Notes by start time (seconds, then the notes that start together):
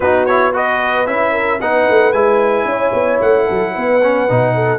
0.00 B3 D#4 F#4 B4
0.25 E4 C#5
0.53 F#4 B4 D#5
1.06 C#4 E4 E5
1.32 A#4
1.60 B3 D#4 B4 F#5
1.89 A3
2.12 G#3 E4 G#5
2.64 C#4 C#5
2.93 B3
3.21 A3 F#5
3.45 F#3 A4
3.75 B3 B4
4.02 C#4
4.28 B2 D#4
4.54 A4